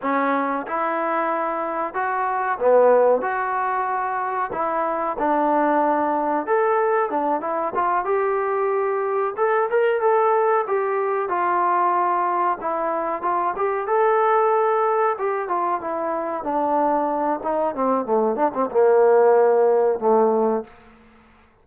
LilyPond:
\new Staff \with { instrumentName = "trombone" } { \time 4/4 \tempo 4 = 93 cis'4 e'2 fis'4 | b4 fis'2 e'4 | d'2 a'4 d'8 e'8 | f'8 g'2 a'8 ais'8 a'8~ |
a'8 g'4 f'2 e'8~ | e'8 f'8 g'8 a'2 g'8 | f'8 e'4 d'4. dis'8 c'8 | a8 d'16 c'16 ais2 a4 | }